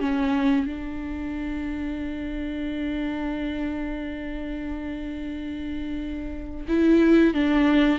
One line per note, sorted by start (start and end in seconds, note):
0.00 0.66 C#4
0.66 6.66 D4
6.68 7.34 E4
7.34 7.99 D4